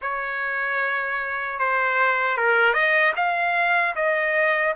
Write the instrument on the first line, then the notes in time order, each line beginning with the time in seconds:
trumpet
0.01 C#5
1.59 C5
2.37 A#4
2.73 D#5
3.15 F5
3.95 D#5